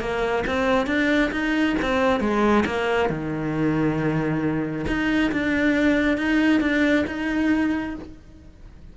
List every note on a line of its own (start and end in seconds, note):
0.00 0.44 A#3
0.47 0.87 C4
0.87 1.31 D4
1.32 1.76 D#4
1.82 2.20 C4
2.20 2.64 G#3
2.66 3.09 A#3
3.09 4.86 D#3
4.87 5.31 D#4
5.32 6.17 D4
6.17 6.61 D#4
6.61 7.05 D4
7.07 7.95 D#4